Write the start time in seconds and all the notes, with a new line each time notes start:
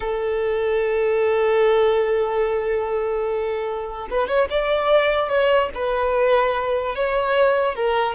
0.00 A4
4.10 B4
4.28 C#5
4.50 D5
5.28 C#5
5.74 B4
6.95 C#5
7.75 A#4